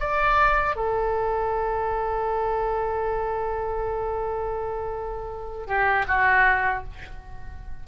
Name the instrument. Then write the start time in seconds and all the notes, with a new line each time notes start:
oboe
0.00 D5
0.76 A4
5.67 G4
6.08 F#4